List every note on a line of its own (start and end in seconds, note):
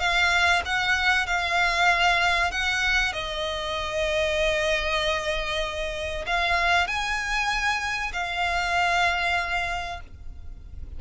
0.00 0.62 F5
0.66 1.27 F#5
1.27 2.52 F5
2.52 3.13 F#5
3.13 6.26 D#5
6.27 6.88 F5
6.88 8.12 G#5
8.13 10.01 F5